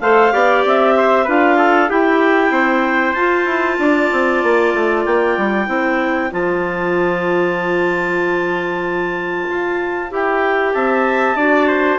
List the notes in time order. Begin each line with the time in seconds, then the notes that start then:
0.00 A3 A4 C5 F5
0.32 B3 G4 D5
0.65 C4 E5
0.97 C5
1.24 D4 F4 B4 F5
1.58 A4
1.88 E4 G4 G5
2.50 C4 C5
3.13 F4 A5
3.45 E4
3.78 D4 D5
4.12 C4
4.43 A#3
4.74 A3
5.05 A#3 G5
5.37 G3
5.66 C4 E4 C5
6.30 F3 F4 A5
9.49 F4
10.10 E4 G4 G5
10.73 C4 E5 A5
11.35 D4 F#4 D5
11.67 C5